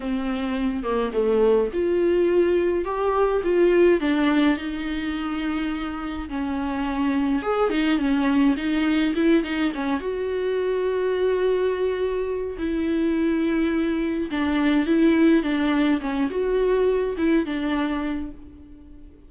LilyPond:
\new Staff \with { instrumentName = "viola" } { \time 4/4 \tempo 4 = 105 c'4. ais8 a4 f'4~ | f'4 g'4 f'4 d'4 | dis'2. cis'4~ | cis'4 gis'8 dis'8 cis'4 dis'4 |
e'8 dis'8 cis'8 fis'2~ fis'8~ | fis'2 e'2~ | e'4 d'4 e'4 d'4 | cis'8 fis'4. e'8 d'4. | }